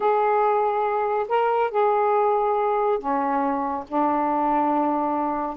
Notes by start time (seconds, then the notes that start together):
0.00 G#4
1.28 A#4
1.70 G#4
2.98 C#4
3.88 D4